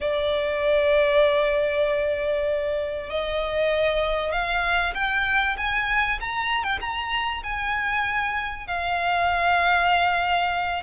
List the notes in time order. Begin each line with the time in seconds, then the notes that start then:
0.01 D5
3.10 D#5
4.32 F5
4.94 G5
5.57 G#5
6.20 A#5
6.63 G5
6.80 A#5
7.43 G#5
8.67 F5